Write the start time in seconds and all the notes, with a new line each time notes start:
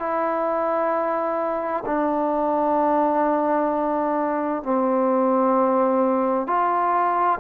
0.00 E4
1.86 D4
4.63 C4
6.47 F4